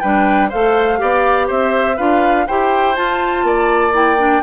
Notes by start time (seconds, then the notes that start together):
0.00 G3 D4 B4 G5
0.49 A3 A4 C5 F5
0.97 B3 G4 D5
1.48 C4 C5 E5
1.97 D4 F4 B4 F5
2.47 E4 G4 C5 G5
2.95 F4 A5
3.44 A#3 D5
3.92 E4 G5
4.18 D4